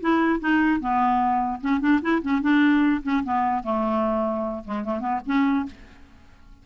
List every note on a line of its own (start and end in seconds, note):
0.00 0.40 E4
0.40 0.80 D#4
0.80 1.60 B3
1.61 1.80 C#4
1.80 2.00 D4
2.01 2.21 E4
2.22 2.41 C#4
2.41 3.01 D4
3.03 3.23 C#4
3.23 3.63 B3
3.63 4.63 A3
4.64 4.84 G#3
4.84 5.00 A3
5.00 5.20 B3
5.25 5.66 C#4